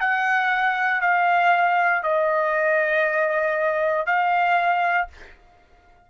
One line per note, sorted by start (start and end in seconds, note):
0.00 1.01 F#5
1.01 2.02 F5
2.02 4.06 D#5
4.06 5.08 F5